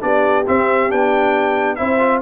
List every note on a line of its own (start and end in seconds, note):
0.00 0.46 B3
0.00 0.44 D4
0.00 1.78 G4
0.00 0.45 D5
0.46 0.89 C4
0.46 0.91 C4
0.46 0.91 E5
0.89 1.79 B3
0.89 1.77 D4
0.89 1.75 G5
1.75 2.21 C4
1.75 1.99 E4
1.75 2.21 C5
1.75 2.19 E5
1.99 2.21 F4